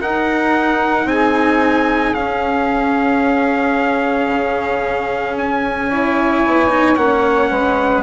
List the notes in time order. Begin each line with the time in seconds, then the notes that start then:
0.00 D#4 A#4 F#5
1.05 C4 G#4 G#5
2.14 C#4 F5
4.28 C#3
5.36 C#4 G#5
5.88 E4 C#5
6.46 B3
6.69 D#4
6.97 A#3 C#4 F#5
7.50 G#3 B4